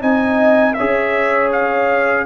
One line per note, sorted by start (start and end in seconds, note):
0.00 0.77 C4
0.00 0.75 D#4
0.00 0.76 D#5
0.00 0.74 G#5
0.74 2.26 G#4
0.74 2.26 C#5
0.74 1.49 E5
0.80 2.26 C#4
1.52 2.26 F5